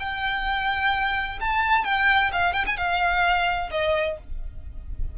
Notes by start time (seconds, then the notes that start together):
0.00 G5
1.41 A5
1.85 G5
2.33 F5
2.53 G5
2.67 G#5
2.78 F5
3.71 D#5